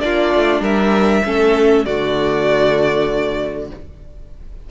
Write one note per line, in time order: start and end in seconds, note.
0.00 0.34 A#3
0.00 1.23 D4
0.00 0.62 F4
0.00 0.61 D5
0.34 0.61 A3
0.61 1.22 G3
0.61 1.23 A#4
0.61 1.85 E5
1.25 1.86 A3
1.25 1.86 C#4
1.25 1.86 A4
1.85 3.71 D3
1.85 3.70 A3
1.85 3.69 F#4
1.85 3.69 D5